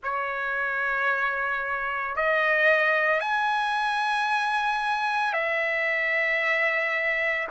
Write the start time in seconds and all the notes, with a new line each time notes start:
0.03 C#5
2.15 D#5
3.20 G#5
5.33 E5